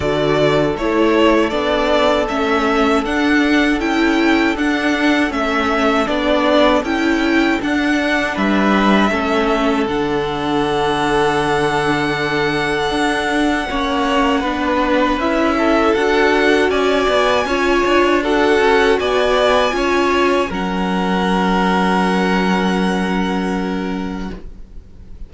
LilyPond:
<<
  \new Staff \with { instrumentName = "violin" } { \time 4/4 \tempo 4 = 79 d''4 cis''4 d''4 e''4 | fis''4 g''4 fis''4 e''4 | d''4 g''4 fis''4 e''4~ | e''4 fis''2.~ |
fis''1 | e''4 fis''4 gis''2 | fis''4 gis''2 fis''4~ | fis''1 | }
  \new Staff \with { instrumentName = "violin" } { \time 4/4 a'1~ | a'1~ | a'2. b'4 | a'1~ |
a'2 cis''4 b'4~ | b'8 a'4. d''4 cis''4 | a'4 d''4 cis''4 ais'4~ | ais'1 | }
  \new Staff \with { instrumentName = "viola" } { \time 4/4 fis'4 e'4 d'4 cis'4 | d'4 e'4 d'4 cis'4 | d'4 e'4 d'2 | cis'4 d'2.~ |
d'2 cis'4 d'4 | e'4 fis'2 f'4 | fis'2 f'4 cis'4~ | cis'1 | }
  \new Staff \with { instrumentName = "cello" } { \time 4/4 d4 a4 b4 a4 | d'4 cis'4 d'4 a4 | b4 cis'4 d'4 g4 | a4 d2.~ |
d4 d'4 ais4 b4 | cis'4 d'4 cis'8 b8 cis'8 d'8~ | d'8 cis'8 b4 cis'4 fis4~ | fis1 | }
>>